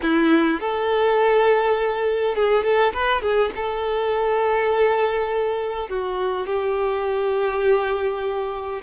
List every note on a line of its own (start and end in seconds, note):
0.02 0.60 E4
0.60 2.35 A4
2.35 2.63 G#4
2.63 2.93 A4
2.93 3.21 B4
3.21 3.51 G#4
3.55 5.88 A4
5.88 6.46 F#4
6.46 8.81 G4